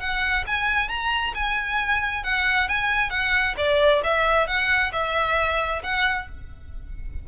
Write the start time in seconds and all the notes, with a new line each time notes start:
0.00 F#5
0.47 G#5
0.89 A#5
1.35 G#5
2.24 F#5
2.69 G#5
3.10 F#5
3.57 D5
4.04 E5
4.47 F#5
4.93 E5
5.84 F#5